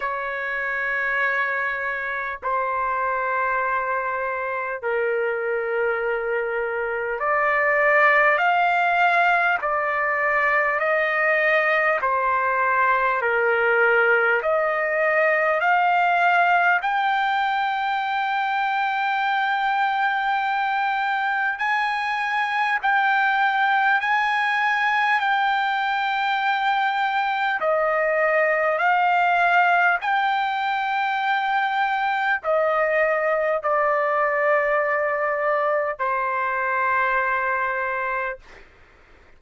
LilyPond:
\new Staff \with { instrumentName = "trumpet" } { \time 4/4 \tempo 4 = 50 cis''2 c''2 | ais'2 d''4 f''4 | d''4 dis''4 c''4 ais'4 | dis''4 f''4 g''2~ |
g''2 gis''4 g''4 | gis''4 g''2 dis''4 | f''4 g''2 dis''4 | d''2 c''2 | }